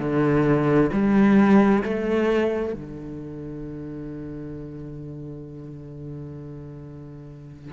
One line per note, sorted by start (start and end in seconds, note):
0.00 0.91 D3
0.93 1.83 G3
1.84 2.74 A3
2.74 7.73 D3